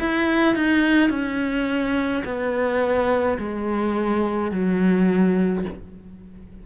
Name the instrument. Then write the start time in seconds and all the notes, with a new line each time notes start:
cello
0.00 E4
0.56 D#4
1.10 C#4
2.25 B3
3.39 G#3
4.52 F#3